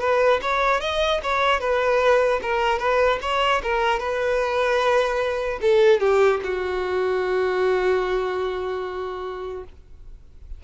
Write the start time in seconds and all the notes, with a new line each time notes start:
0.00 B4
0.42 C#5
0.81 D#5
1.23 C#5
1.60 B4
2.42 A#4
2.79 B4
3.22 C#5
3.63 A#4
3.99 B4
5.61 A4
6.00 G4
6.44 F#4